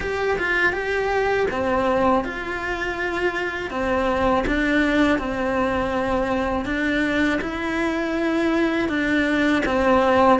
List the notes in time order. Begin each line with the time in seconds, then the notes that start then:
0.00 G4
0.38 F4
0.72 G4
1.51 C4
2.24 F4
3.70 C4
4.46 D4
5.18 C4
6.65 D4
7.41 E4
8.89 D4
9.65 C4